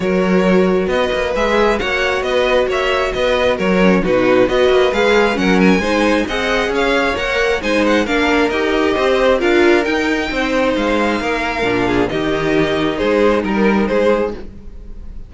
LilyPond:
<<
  \new Staff \with { instrumentName = "violin" } { \time 4/4 \tempo 4 = 134 cis''2 dis''4 e''4 | fis''4 dis''4 e''4 dis''4 | cis''4 b'4 dis''4 f''4 | fis''8 gis''4. fis''4 f''4 |
fis''4 gis''8 fis''8 f''4 dis''4~ | dis''4 f''4 g''2 | f''2. dis''4~ | dis''4 c''4 ais'4 c''4 | }
  \new Staff \with { instrumentName = "violin" } { \time 4/4 ais'2 b'2 | cis''4 b'4 cis''4 b'4 | ais'4 fis'4 b'2 | ais'4 c''4 dis''4 cis''4~ |
cis''4 c''4 ais'2 | c''4 ais'2 c''4~ | c''4 ais'4. gis'8 g'4~ | g'4 gis'4 ais'4 gis'4 | }
  \new Staff \with { instrumentName = "viola" } { \time 4/4 fis'2. gis'4 | fis'1~ | fis'8 cis'8 dis'4 fis'4 gis'4 | cis'4 dis'4 gis'2 |
ais'4 dis'4 d'4 g'4~ | g'4 f'4 dis'2~ | dis'2 d'4 dis'4~ | dis'1 | }
  \new Staff \with { instrumentName = "cello" } { \time 4/4 fis2 b8 ais8 gis4 | ais4 b4 ais4 b4 | fis4 b,4 b8 ais8 gis4 | fis4 gis4 c'4 cis'4 |
ais4 gis4 ais4 dis'4 | c'4 d'4 dis'4 c'4 | gis4 ais4 ais,4 dis4~ | dis4 gis4 g4 gis4 | }
>>